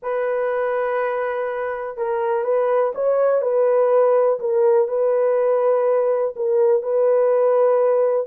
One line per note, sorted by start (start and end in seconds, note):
0.02 1.97 B4
1.97 2.43 A#4
2.43 2.92 B4
2.94 3.41 C#5
3.41 4.39 B4
4.39 4.88 A#4
4.88 6.34 B4
6.35 6.82 A#4
6.82 8.26 B4